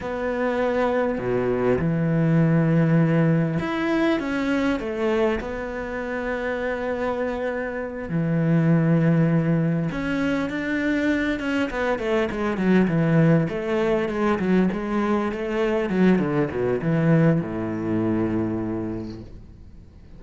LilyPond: \new Staff \with { instrumentName = "cello" } { \time 4/4 \tempo 4 = 100 b2 b,4 e4~ | e2 e'4 cis'4 | a4 b2.~ | b4. e2~ e8~ |
e8 cis'4 d'4. cis'8 b8 | a8 gis8 fis8 e4 a4 gis8 | fis8 gis4 a4 fis8 d8 b,8 | e4 a,2. | }